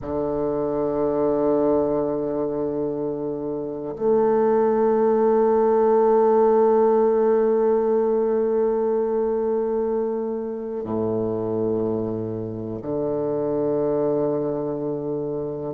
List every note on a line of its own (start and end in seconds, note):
0.01 3.95 D3
3.95 10.84 A3
10.84 12.80 A2
12.82 15.74 D3